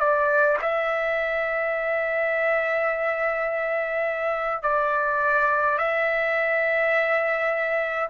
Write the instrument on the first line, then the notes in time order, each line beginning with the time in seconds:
trumpet
0.00 D5
0.62 E5
4.63 D5
5.78 E5